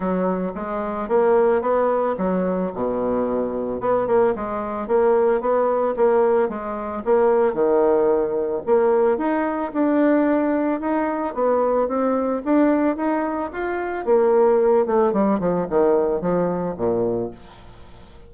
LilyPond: \new Staff \with { instrumentName = "bassoon" } { \time 4/4 \tempo 4 = 111 fis4 gis4 ais4 b4 | fis4 b,2 b8 ais8 | gis4 ais4 b4 ais4 | gis4 ais4 dis2 |
ais4 dis'4 d'2 | dis'4 b4 c'4 d'4 | dis'4 f'4 ais4. a8 | g8 f8 dis4 f4 ais,4 | }